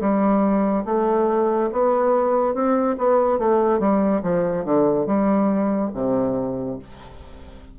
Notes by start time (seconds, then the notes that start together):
0.00 G3
0.85 A3
1.72 B3
2.54 C4
2.98 B3
3.38 A3
3.80 G3
4.23 F3
4.64 D3
5.06 G3
5.94 C3